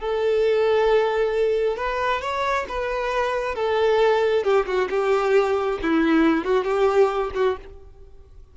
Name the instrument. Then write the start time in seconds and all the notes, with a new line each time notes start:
violin
0.00 A4
1.77 B4
2.21 C#5
2.69 B4
3.55 A4
4.44 G4
4.66 F#4
4.90 G4
5.82 E4
6.45 F#4
6.64 G4
7.35 F#4